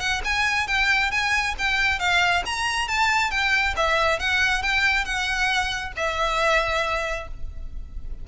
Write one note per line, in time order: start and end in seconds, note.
0.00 0.22 F#5
0.24 0.67 G#5
0.67 1.11 G5
1.11 1.55 G#5
1.58 1.99 G5
1.99 2.43 F5
2.46 2.88 A#5
2.88 3.31 A5
3.31 3.75 G5
3.77 4.19 E5
4.19 4.62 F#5
4.62 5.05 G5
5.05 5.92 F#5
5.96 7.28 E5